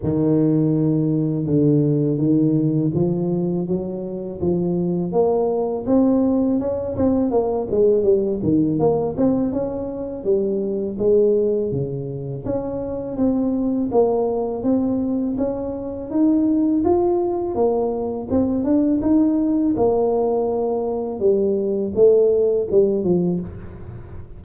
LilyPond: \new Staff \with { instrumentName = "tuba" } { \time 4/4 \tempo 4 = 82 dis2 d4 dis4 | f4 fis4 f4 ais4 | c'4 cis'8 c'8 ais8 gis8 g8 dis8 | ais8 c'8 cis'4 g4 gis4 |
cis4 cis'4 c'4 ais4 | c'4 cis'4 dis'4 f'4 | ais4 c'8 d'8 dis'4 ais4~ | ais4 g4 a4 g8 f8 | }